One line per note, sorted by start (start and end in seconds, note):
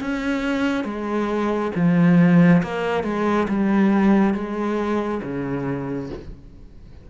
0.00 0.84 C#4
0.84 1.71 G#3
1.75 2.62 F3
2.62 3.04 A#3
3.04 3.47 G#3
3.48 4.34 G3
4.34 5.21 G#3
5.23 6.09 C#3